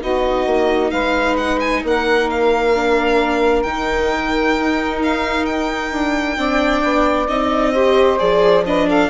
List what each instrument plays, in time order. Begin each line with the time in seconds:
0.00 bassoon B3, viola D#4, saxophone F#4, violin D#5
0.46 bassoon A#3
0.90 bassoon G#3, saxophone B4, violin F5
1.36 violin F#5
1.60 violin G#5
1.83 bassoon A#3, saxophone A#4, violin F#5
2.29 violin F5
2.74 viola D4
3.62 bassoon D#3, viola D#4, violin G5
4.59 bassoon D#4
5.03 violin F5
5.45 violin G5
5.91 bassoon D4
6.36 bassoon C4, viola D4, saxophone D5
6.83 bassoon B3
7.27 bassoon C4, viola D#4, violin D#5
7.73 viola G4, saxophone C5
8.18 bassoon F3, viola G#4, violin D5
8.66 viola D4, saxophone B4, violin D#5
8.87 saxophone A4, violin F5